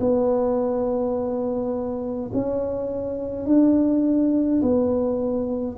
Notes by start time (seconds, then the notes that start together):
0.00 B3
2.33 C#4
3.46 D4
4.62 B3